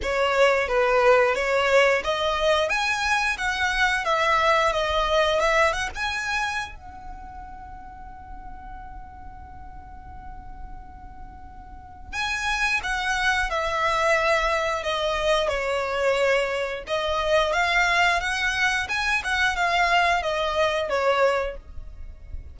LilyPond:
\new Staff \with { instrumentName = "violin" } { \time 4/4 \tempo 4 = 89 cis''4 b'4 cis''4 dis''4 | gis''4 fis''4 e''4 dis''4 | e''8 fis''16 gis''4~ gis''16 fis''2~ | fis''1~ |
fis''2 gis''4 fis''4 | e''2 dis''4 cis''4~ | cis''4 dis''4 f''4 fis''4 | gis''8 fis''8 f''4 dis''4 cis''4 | }